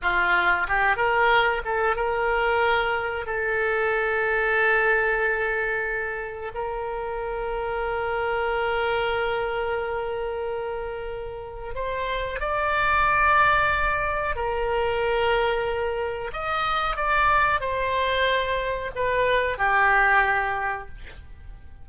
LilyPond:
\new Staff \with { instrumentName = "oboe" } { \time 4/4 \tempo 4 = 92 f'4 g'8 ais'4 a'8 ais'4~ | ais'4 a'2.~ | a'2 ais'2~ | ais'1~ |
ais'2 c''4 d''4~ | d''2 ais'2~ | ais'4 dis''4 d''4 c''4~ | c''4 b'4 g'2 | }